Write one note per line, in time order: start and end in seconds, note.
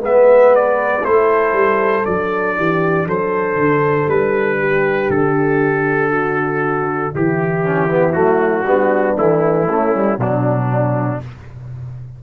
0.00 1.02 G#3
0.00 1.02 B3
0.00 1.03 B4
0.00 0.55 E5
0.55 1.04 D5
1.03 1.53 A3
1.03 2.03 E4
1.03 2.56 A4
1.03 2.05 C5
1.53 2.03 G3
2.03 2.57 F#3
2.03 7.63 D4
2.03 3.07 D5
2.57 3.06 E3
2.57 3.07 G4
3.06 3.55 F#3
3.06 4.59 A4
3.06 4.09 C5
3.55 4.06 D3
4.07 5.09 G3
4.07 5.10 B4
4.59 6.10 G4
5.09 7.13 D3
5.09 7.14 A4
6.10 7.12 F#4
7.14 8.15 E3
7.14 8.67 E4
7.14 8.12 G4
7.63 7.88 C#4
7.89 8.13 B3
8.12 8.64 F#3
8.12 8.64 A3
8.12 9.14 F#4
8.64 9.15 G3
8.64 9.17 B3
8.64 9.68 D4
9.16 9.68 E3
9.16 10.18 A3
9.16 10.19 E4
9.68 9.94 A3
9.68 10.18 C#4
9.94 10.18 G3
10.18 11.19 B2
10.18 11.20 F#3
10.18 11.20 D4
10.18 11.23 D4